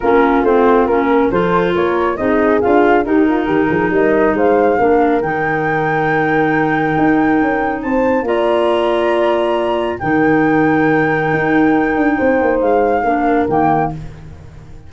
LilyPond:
<<
  \new Staff \with { instrumentName = "flute" } { \time 4/4 \tempo 4 = 138 ais'4 c''4 ais'4 c''4 | cis''4 dis''4 f''4 ais'4~ | ais'4 dis''4 f''2 | g''1~ |
g''2 a''4 ais''4~ | ais''2. g''4~ | g''1~ | g''4 f''2 g''4 | }
  \new Staff \with { instrumentName = "horn" } { \time 4/4 f'2~ f'8 ais'8 a'4 | ais'4 gis'2 g'8 f'8 | g'8 gis'8 ais'4 c''4 ais'4~ | ais'1~ |
ais'2 c''4 d''4~ | d''2. ais'4~ | ais'1 | c''2 ais'2 | }
  \new Staff \with { instrumentName = "clarinet" } { \time 4/4 cis'4 c'4 cis'4 f'4~ | f'4 dis'4 f'4 dis'4~ | dis'2. d'4 | dis'1~ |
dis'2. f'4~ | f'2. dis'4~ | dis'1~ | dis'2 d'4 ais4 | }
  \new Staff \with { instrumentName = "tuba" } { \time 4/4 ais4 a4 ais4 f4 | ais4 c'4 d'4 dis'4 | dis8 f8 g4 gis4 ais4 | dis1 |
dis'4 cis'4 c'4 ais4~ | ais2. dis4~ | dis2 dis'4. d'8 | c'8 ais8 gis4 ais4 dis4 | }
>>